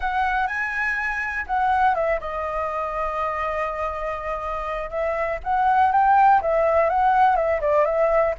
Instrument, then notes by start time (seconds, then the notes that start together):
flute
0.00 F#5
0.47 G#5
1.46 F#5
1.94 E5
2.20 D#5
4.90 E5
5.43 F#5
5.92 G5
6.41 E5
6.89 F#5
7.35 E5
7.60 D5
7.85 E5